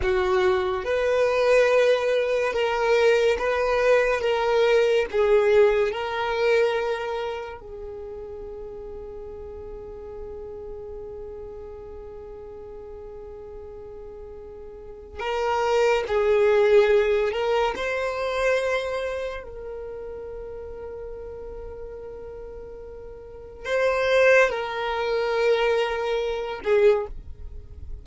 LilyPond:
\new Staff \with { instrumentName = "violin" } { \time 4/4 \tempo 4 = 71 fis'4 b'2 ais'4 | b'4 ais'4 gis'4 ais'4~ | ais'4 gis'2.~ | gis'1~ |
gis'2 ais'4 gis'4~ | gis'8 ais'8 c''2 ais'4~ | ais'1 | c''4 ais'2~ ais'8 gis'8 | }